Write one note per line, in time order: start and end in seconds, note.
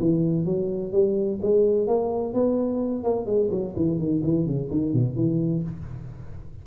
0.00 0.45 E3
0.45 0.92 F#3
0.92 1.40 G3
1.42 1.87 G#3
1.87 2.34 A#3
2.34 3.03 B3
3.03 3.26 A#3
3.26 3.50 G#3
3.51 3.74 F#3
3.76 3.99 E3
3.99 4.22 D#3
4.24 4.46 E3
4.46 4.70 C#3
4.71 4.93 D#3
4.93 5.16 B2
5.16 5.63 E3